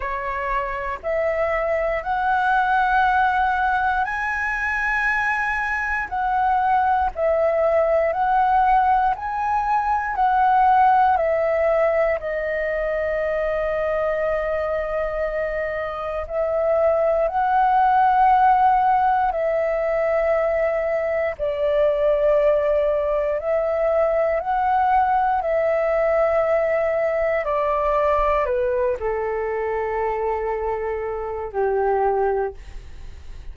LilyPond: \new Staff \with { instrumentName = "flute" } { \time 4/4 \tempo 4 = 59 cis''4 e''4 fis''2 | gis''2 fis''4 e''4 | fis''4 gis''4 fis''4 e''4 | dis''1 |
e''4 fis''2 e''4~ | e''4 d''2 e''4 | fis''4 e''2 d''4 | b'8 a'2~ a'8 g'4 | }